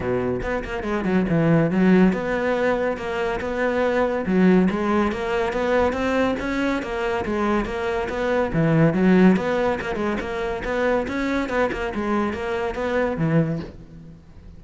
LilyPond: \new Staff \with { instrumentName = "cello" } { \time 4/4 \tempo 4 = 141 b,4 b8 ais8 gis8 fis8 e4 | fis4 b2 ais4 | b2 fis4 gis4 | ais4 b4 c'4 cis'4 |
ais4 gis4 ais4 b4 | e4 fis4 b4 ais8 gis8 | ais4 b4 cis'4 b8 ais8 | gis4 ais4 b4 e4 | }